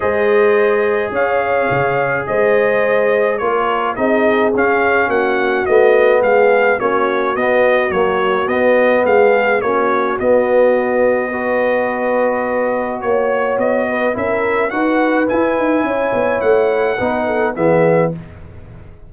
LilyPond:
<<
  \new Staff \with { instrumentName = "trumpet" } { \time 4/4 \tempo 4 = 106 dis''2 f''2 | dis''2 cis''4 dis''4 | f''4 fis''4 dis''4 f''4 | cis''4 dis''4 cis''4 dis''4 |
f''4 cis''4 dis''2~ | dis''2. cis''4 | dis''4 e''4 fis''4 gis''4~ | gis''4 fis''2 e''4 | }
  \new Staff \with { instrumentName = "horn" } { \time 4/4 c''2 cis''2 | c''2 ais'4 gis'4~ | gis'4 fis'2 gis'4 | fis'1 |
gis'4 fis'2. | b'2. cis''4~ | cis''8 b'8 ais'4 b'2 | cis''2 b'8 a'8 gis'4 | }
  \new Staff \with { instrumentName = "trombone" } { \time 4/4 gis'1~ | gis'2 f'4 dis'4 | cis'2 b2 | cis'4 b4 fis4 b4~ |
b4 cis'4 b2 | fis'1~ | fis'4 e'4 fis'4 e'4~ | e'2 dis'4 b4 | }
  \new Staff \with { instrumentName = "tuba" } { \time 4/4 gis2 cis'4 cis4 | gis2 ais4 c'4 | cis'4 ais4 a4 gis4 | ais4 b4 ais4 b4 |
gis4 ais4 b2~ | b2. ais4 | b4 cis'4 dis'4 e'8 dis'8 | cis'8 b8 a4 b4 e4 | }
>>